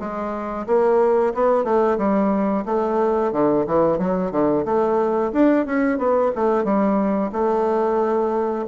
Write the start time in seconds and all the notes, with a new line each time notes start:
0.00 G#3
0.67 A#3
1.34 B3
1.64 A3
1.98 G3
2.66 A3
3.32 D3
3.67 E3
3.99 F#3
4.32 D3
4.65 A3
5.33 D4
5.66 C#4
5.98 B3
6.36 A3
6.65 G3
7.32 A3